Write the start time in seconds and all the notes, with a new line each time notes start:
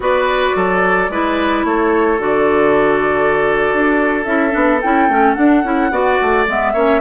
0.00 B3 F#4 B4 D5
0.55 F#3 A4
1.09 G#3 E4 B4
1.64 A3 A4 C#5
2.18 D3 F#4 D5
3.73 D4
4.24 C#4 E4 E5
4.51 B3 D4
4.81 C#4 E4 G5
5.08 A3 C#4
5.34 D4 F#5
5.63 C#4 E4
5.90 B3 F#4 D5
6.21 A3
6.47 G#3 B3 E5
6.73 A#3 C#4 C#5